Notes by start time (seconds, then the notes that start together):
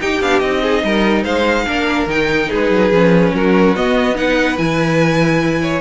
0.00 D#4 G4 G5
0.21 B3 D4 F5
0.39 C4 D#4 D#5
0.62 G#4
0.83 G3 A#4
1.24 G#3 C5 F5
1.67 A#3 D4 A#4
2.07 D#3 D#4 G5
2.49 G#3 G#4 B4
2.70 F#3
2.92 F3 C#4
3.34 F#3 F#4 A#4
3.76 B3 D#5
4.15 D#4 B4 F#5
4.57 E3 E4 G#5
5.62 C#5